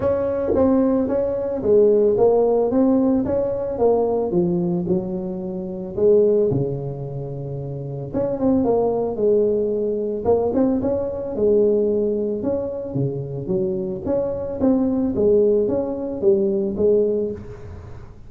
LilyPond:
\new Staff \with { instrumentName = "tuba" } { \time 4/4 \tempo 4 = 111 cis'4 c'4 cis'4 gis4 | ais4 c'4 cis'4 ais4 | f4 fis2 gis4 | cis2. cis'8 c'8 |
ais4 gis2 ais8 c'8 | cis'4 gis2 cis'4 | cis4 fis4 cis'4 c'4 | gis4 cis'4 g4 gis4 | }